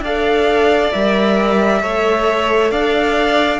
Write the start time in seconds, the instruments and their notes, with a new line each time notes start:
0.00 cello D4, viola A4, violin D5 F5
0.92 cello G3, viola A#4, violin E5
1.82 cello A3, viola A4, violin C#5
2.71 cello D4, violin D5 F5